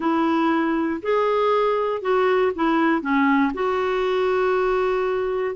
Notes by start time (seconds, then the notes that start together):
0.00 E4
1.02 G#4
2.01 F#4
2.55 E4
3.01 C#4
3.53 F#4